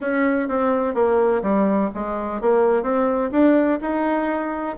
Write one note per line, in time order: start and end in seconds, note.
0.00 0.48 C#4
0.48 0.94 C4
0.94 1.42 A#3
1.42 1.89 G3
1.94 2.41 G#3
2.41 2.82 A#3
2.82 3.30 C4
3.31 3.79 D4
3.81 4.76 D#4